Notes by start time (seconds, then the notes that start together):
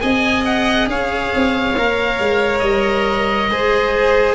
0.00 C4 G#4 D#5 G#5
0.45 F#5
0.87 C#4 C#5 F5
1.35 C4
1.77 A#3 A#4
2.19 G#3
2.59 G3 D#5
3.49 G#3 G#4 C5